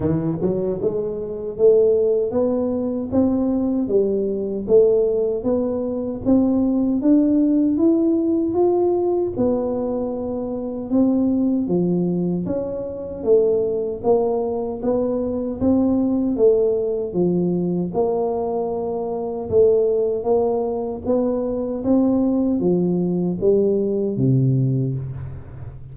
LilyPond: \new Staff \with { instrumentName = "tuba" } { \time 4/4 \tempo 4 = 77 e8 fis8 gis4 a4 b4 | c'4 g4 a4 b4 | c'4 d'4 e'4 f'4 | b2 c'4 f4 |
cis'4 a4 ais4 b4 | c'4 a4 f4 ais4~ | ais4 a4 ais4 b4 | c'4 f4 g4 c4 | }